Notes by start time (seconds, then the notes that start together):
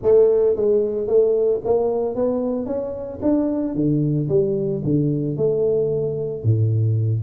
0.02 A3
0.56 G#3
1.07 A3
1.64 A#3
2.15 B3
2.65 C#4
3.22 D4
3.75 D3
4.29 G3
4.84 D3
5.36 A3
6.43 A2